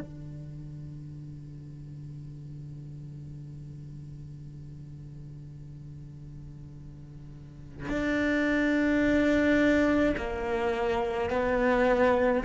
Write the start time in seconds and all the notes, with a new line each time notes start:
0.00 D3
7.88 D4
10.17 A#3
11.30 B3